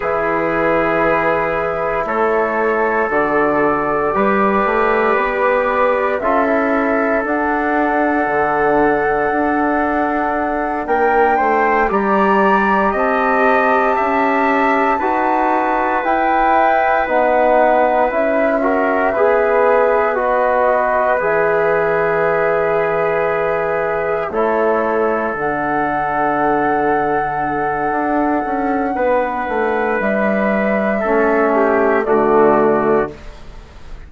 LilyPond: <<
  \new Staff \with { instrumentName = "flute" } { \time 4/4 \tempo 4 = 58 b'2 cis''4 d''4~ | d''2 e''4 fis''4~ | fis''2~ fis''8 g''4 ais''8~ | ais''8 a''2. g''8~ |
g''8 fis''4 e''2 dis''8~ | dis''8 e''2. cis''8~ | cis''8 fis''2.~ fis''8~ | fis''4 e''2 d''4 | }
  \new Staff \with { instrumentName = "trumpet" } { \time 4/4 gis'2 a'2 | b'2 a'2~ | a'2~ a'8 ais'8 c''8 d''8~ | d''8 dis''4 e''4 b'4.~ |
b'2 ais'8 b'4.~ | b'2.~ b'8 a'8~ | a'1 | b'2 a'8 g'8 fis'4 | }
  \new Staff \with { instrumentName = "trombone" } { \time 4/4 e'2. fis'4 | g'2 f'16 e'8. d'4~ | d'2.~ d'8 g'8~ | g'2~ g'8 fis'4 e'8~ |
e'8 dis'4 e'8 fis'8 gis'4 fis'8~ | fis'8 gis'2. e'8~ | e'8 d'2.~ d'8~ | d'2 cis'4 a4 | }
  \new Staff \with { instrumentName = "bassoon" } { \time 4/4 e2 a4 d4 | g8 a8 b4 cis'4 d'4 | d4 d'4. ais8 a8 g8~ | g8 c'4 cis'4 dis'4 e'8~ |
e'8 b4 cis'4 b4.~ | b8 e2. a8~ | a8 d2~ d8 d'8 cis'8 | b8 a8 g4 a4 d4 | }
>>